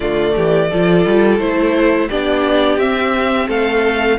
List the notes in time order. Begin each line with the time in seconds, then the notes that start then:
0.00 D3 A3 F4 D5
0.35 E3 G4
0.70 F3 F4 A4
1.05 G3
1.39 A3 E4 C5
2.09 B3 D4 G4 D5
2.77 C4 E5
3.47 A3 A4 F5